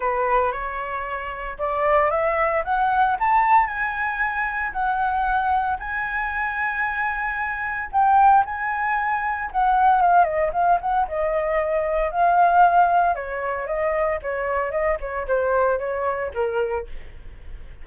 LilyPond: \new Staff \with { instrumentName = "flute" } { \time 4/4 \tempo 4 = 114 b'4 cis''2 d''4 | e''4 fis''4 a''4 gis''4~ | gis''4 fis''2 gis''4~ | gis''2. g''4 |
gis''2 fis''4 f''8 dis''8 | f''8 fis''8 dis''2 f''4~ | f''4 cis''4 dis''4 cis''4 | dis''8 cis''8 c''4 cis''4 ais'4 | }